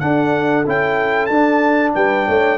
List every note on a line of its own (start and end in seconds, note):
0.00 0.65 D4
0.00 0.66 D4
0.00 1.95 A4
0.00 0.65 F#5
0.66 1.30 C#4
0.66 1.31 E4
0.66 1.26 G5
1.26 1.94 D4
1.26 2.58 D4
1.26 1.91 A5
1.95 2.28 G3
1.95 2.27 B4
1.95 2.58 G5
2.27 2.58 A3
2.27 2.58 C#5